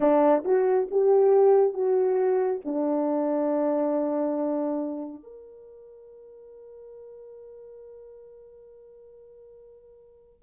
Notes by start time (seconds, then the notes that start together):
0.00 D4
0.44 F#4
0.90 G4
1.74 F#4
2.64 D4
5.23 A#4